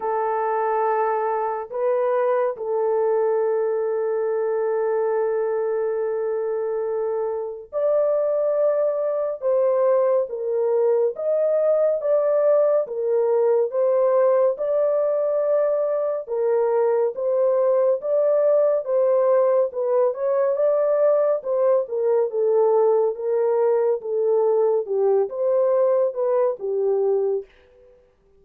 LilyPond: \new Staff \with { instrumentName = "horn" } { \time 4/4 \tempo 4 = 70 a'2 b'4 a'4~ | a'1~ | a'4 d''2 c''4 | ais'4 dis''4 d''4 ais'4 |
c''4 d''2 ais'4 | c''4 d''4 c''4 b'8 cis''8 | d''4 c''8 ais'8 a'4 ais'4 | a'4 g'8 c''4 b'8 g'4 | }